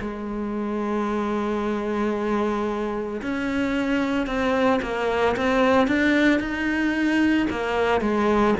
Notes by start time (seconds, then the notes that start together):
0.00 G#3
3.21 C#4
4.26 C4
4.82 A#3
5.36 C4
5.87 D4
6.40 D#4
7.50 A#3
8.01 G#3